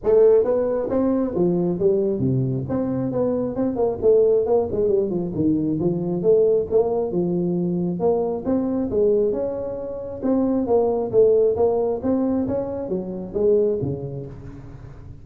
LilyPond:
\new Staff \with { instrumentName = "tuba" } { \time 4/4 \tempo 4 = 135 a4 b4 c'4 f4 | g4 c4 c'4 b4 | c'8 ais8 a4 ais8 gis8 g8 f8 | dis4 f4 a4 ais4 |
f2 ais4 c'4 | gis4 cis'2 c'4 | ais4 a4 ais4 c'4 | cis'4 fis4 gis4 cis4 | }